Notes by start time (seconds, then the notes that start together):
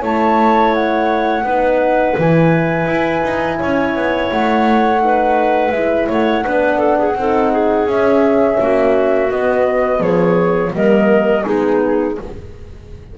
0.00 A3 E4 C#5 A5
0.74 F#5
1.43 B3 D#4 B4
2.18 E3 E4 G#5
2.86 E4
3.24 D#4
3.59 C#4 C#5
3.95 B3
4.31 A3 F#5
5.00 D#4 B4
5.71 G#3 E4 E5
6.09 A3 C#5 F#5
6.44 B3 D4 B4
6.79 A4
6.99 G#4
7.15 C4 D#4 A4
7.52 G#4
7.86 C#4 E5
8.60 A#3 F#4
9.31 B3 D#5
10.00 F3 G#4 C#5
10.72 G3 A#3 A#4 D#5
11.44 G#3 B3 D#4 G#4